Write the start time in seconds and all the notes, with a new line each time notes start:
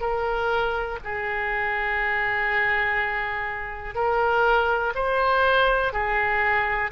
0.00 A#4
1.04 G#4
3.94 A#4
4.94 C5
5.92 G#4